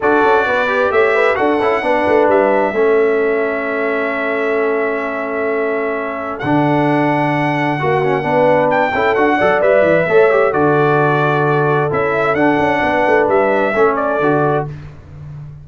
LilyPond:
<<
  \new Staff \with { instrumentName = "trumpet" } { \time 4/4 \tempo 4 = 131 d''2 e''4 fis''4~ | fis''4 e''2.~ | e''1~ | e''2 fis''2~ |
fis''2. g''4 | fis''4 e''2 d''4~ | d''2 e''4 fis''4~ | fis''4 e''4. d''4. | }
  \new Staff \with { instrumentName = "horn" } { \time 4/4 a'4 b'4 cis''8 b'8 a'4 | b'2 a'2~ | a'1~ | a'1~ |
a'4 fis'4 b'4. a'8~ | a'8 d''4. cis''4 a'4~ | a'1 | b'2 a'2 | }
  \new Staff \with { instrumentName = "trombone" } { \time 4/4 fis'4. g'4. fis'8 e'8 | d'2 cis'2~ | cis'1~ | cis'2 d'2~ |
d'4 fis'8 cis'8 d'4. e'8 | fis'8 a'8 b'4 a'8 g'8 fis'4~ | fis'2 e'4 d'4~ | d'2 cis'4 fis'4 | }
  \new Staff \with { instrumentName = "tuba" } { \time 4/4 d'8 cis'8 b4 a4 d'8 cis'8 | b8 a8 g4 a2~ | a1~ | a2 d2~ |
d4 ais4 b4. cis'8 | d'8 fis8 g8 e8 a4 d4~ | d2 cis'4 d'8 cis'8 | b8 a8 g4 a4 d4 | }
>>